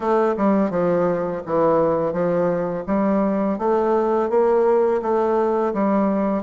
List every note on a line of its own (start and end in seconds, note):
0.00 0.35 A3
0.37 0.70 G3
0.70 1.42 F3
1.45 2.12 E3
2.12 2.84 F3
2.86 3.58 G3
3.58 4.29 A3
4.29 5.01 A#3
5.02 5.73 A3
5.73 6.43 G3